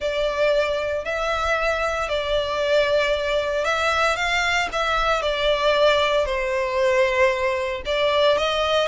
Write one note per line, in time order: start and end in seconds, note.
0.00 1.04 D5
1.04 2.08 E5
2.08 3.64 D5
3.64 4.16 E5
4.16 4.68 F5
4.72 5.22 E5
5.22 6.25 D5
6.25 7.82 C5
7.85 8.37 D5
8.37 8.87 D#5